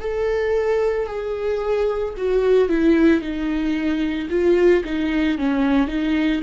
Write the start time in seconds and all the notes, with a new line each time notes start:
0.00 A4
1.07 G#4
2.18 F#4
2.69 E4
3.21 D#4
4.30 F4
4.85 D#4
5.38 C#4
5.87 D#4